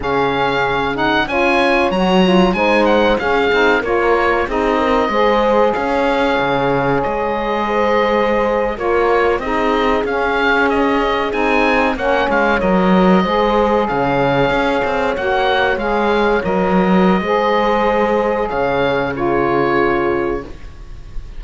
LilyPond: <<
  \new Staff \with { instrumentName = "oboe" } { \time 4/4 \tempo 4 = 94 f''4. fis''8 gis''4 ais''4 | gis''8 fis''8 f''4 cis''4 dis''4~ | dis''4 f''2 dis''4~ | dis''4.~ dis''16 cis''4 dis''4 f''16~ |
f''8. dis''4 gis''4 fis''8 f''8 dis''16~ | dis''4.~ dis''16 f''2 fis''16~ | fis''8. f''4 dis''2~ dis''16~ | dis''4 f''4 cis''2 | }
  \new Staff \with { instrumentName = "horn" } { \time 4/4 gis'2 cis''2 | c''4 gis'4 ais'4 gis'8 ais'8 | c''4 cis''2. | c''4.~ c''16 ais'4 gis'4~ gis'16~ |
gis'2~ gis'8. cis''4~ cis''16~ | cis''8. c''4 cis''2~ cis''16~ | cis''2. c''4~ | c''4 cis''4 gis'2 | }
  \new Staff \with { instrumentName = "saxophone" } { \time 4/4 cis'4. dis'8 f'4 fis'8 f'8 | dis'4 cis'8 dis'8 f'4 dis'4 | gis'1~ | gis'4.~ gis'16 f'4 dis'4 cis'16~ |
cis'4.~ cis'16 dis'4 cis'4 ais'16~ | ais'8. gis'2. fis'16~ | fis'8. gis'4 ais'4~ ais'16 gis'4~ | gis'2 f'2 | }
  \new Staff \with { instrumentName = "cello" } { \time 4/4 cis2 cis'4 fis4 | gis4 cis'8 c'8 ais4 c'4 | gis4 cis'4 cis4 gis4~ | gis4.~ gis16 ais4 c'4 cis'16~ |
cis'4.~ cis'16 c'4 ais8 gis8 fis16~ | fis8. gis4 cis4 cis'8 c'8 ais16~ | ais8. gis4 fis4~ fis16 gis4~ | gis4 cis2. | }
>>